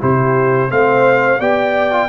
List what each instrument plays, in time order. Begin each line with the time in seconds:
0.00 tuba C3, trombone E4, horn G4, trumpet C5
0.69 tuba A3, trombone C4, horn C5, trumpet F5
1.40 tuba B3, trombone G4, horn D5, trumpet G5
1.91 trombone F4